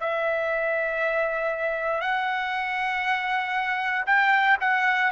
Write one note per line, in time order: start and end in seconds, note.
0.00 2.01 E5
2.01 4.04 F#5
4.06 4.57 G5
4.60 5.11 F#5